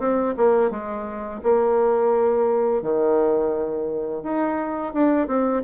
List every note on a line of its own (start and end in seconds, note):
0.00 0.35 C4
0.38 0.71 A#3
0.71 1.41 G#3
1.43 2.83 A#3
2.83 4.24 D#3
4.24 4.94 D#4
4.94 5.28 D4
5.28 5.63 C4